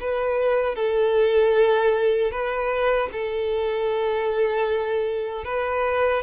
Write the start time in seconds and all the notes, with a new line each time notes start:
0.00 B4
0.75 A4
2.31 B4
3.12 A4
5.45 B4